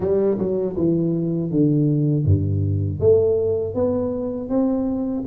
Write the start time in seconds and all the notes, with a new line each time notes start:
0.00 G3
0.38 F#3
0.76 E3
1.50 D3
2.25 G2
3.00 A3
3.74 B3
4.49 C4